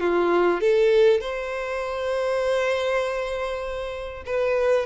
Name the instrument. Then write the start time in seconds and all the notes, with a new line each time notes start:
violin
0.00 F4
0.60 A4
1.20 C5
4.26 B4